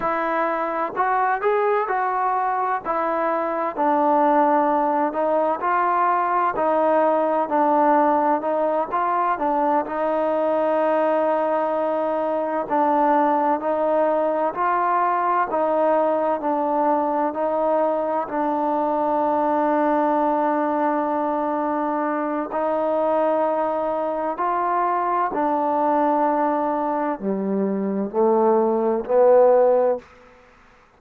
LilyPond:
\new Staff \with { instrumentName = "trombone" } { \time 4/4 \tempo 4 = 64 e'4 fis'8 gis'8 fis'4 e'4 | d'4. dis'8 f'4 dis'4 | d'4 dis'8 f'8 d'8 dis'4.~ | dis'4. d'4 dis'4 f'8~ |
f'8 dis'4 d'4 dis'4 d'8~ | d'1 | dis'2 f'4 d'4~ | d'4 g4 a4 b4 | }